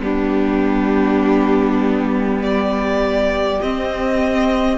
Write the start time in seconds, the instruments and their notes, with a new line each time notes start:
0.00 cello G3, viola B3, violin D4 G4
2.42 violin G4 D5
3.62 cello C4, viola C4, violin D#5